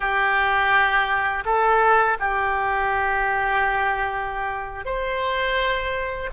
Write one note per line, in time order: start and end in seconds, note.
0.00 1.44 G4
1.45 2.17 A4
2.19 4.85 G4
4.85 6.29 C5